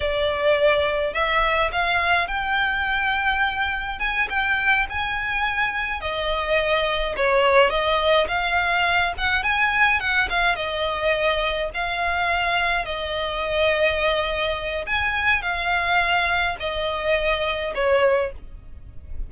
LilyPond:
\new Staff \with { instrumentName = "violin" } { \time 4/4 \tempo 4 = 105 d''2 e''4 f''4 | g''2. gis''8 g''8~ | g''8 gis''2 dis''4.~ | dis''8 cis''4 dis''4 f''4. |
fis''8 gis''4 fis''8 f''8 dis''4.~ | dis''8 f''2 dis''4.~ | dis''2 gis''4 f''4~ | f''4 dis''2 cis''4 | }